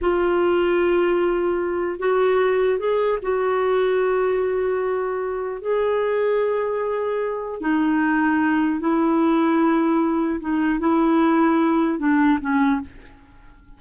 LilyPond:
\new Staff \with { instrumentName = "clarinet" } { \time 4/4 \tempo 4 = 150 f'1~ | f'4 fis'2 gis'4 | fis'1~ | fis'2 gis'2~ |
gis'2. dis'4~ | dis'2 e'2~ | e'2 dis'4 e'4~ | e'2 d'4 cis'4 | }